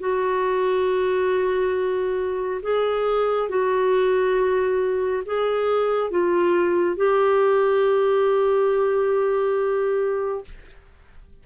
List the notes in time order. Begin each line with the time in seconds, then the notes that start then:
0.00 F#4
2.62 G#4
3.49 F#4
5.25 G#4
6.11 F4
6.96 G4